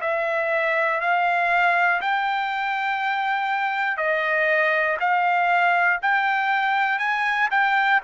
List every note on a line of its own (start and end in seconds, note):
0.00 1.00 E5
1.00 2.00 F5
2.00 3.97 G5
3.97 4.97 D#5
5.00 6.00 F5
6.01 6.98 G5
6.98 7.48 G#5
7.50 8.00 G5